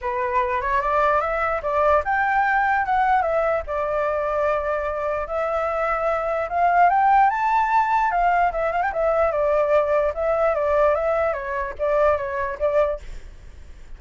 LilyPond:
\new Staff \with { instrumentName = "flute" } { \time 4/4 \tempo 4 = 148 b'4. cis''8 d''4 e''4 | d''4 g''2 fis''4 | e''4 d''2.~ | d''4 e''2. |
f''4 g''4 a''2 | f''4 e''8 f''16 g''16 e''4 d''4~ | d''4 e''4 d''4 e''4 | cis''4 d''4 cis''4 d''4 | }